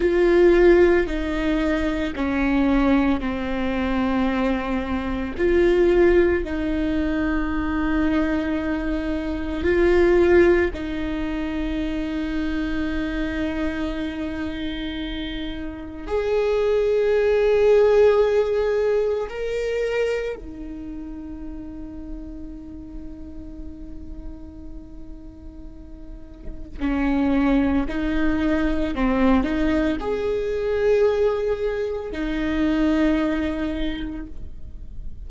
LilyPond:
\new Staff \with { instrumentName = "viola" } { \time 4/4 \tempo 4 = 56 f'4 dis'4 cis'4 c'4~ | c'4 f'4 dis'2~ | dis'4 f'4 dis'2~ | dis'2. gis'4~ |
gis'2 ais'4 dis'4~ | dis'1~ | dis'4 cis'4 dis'4 c'8 dis'8 | gis'2 dis'2 | }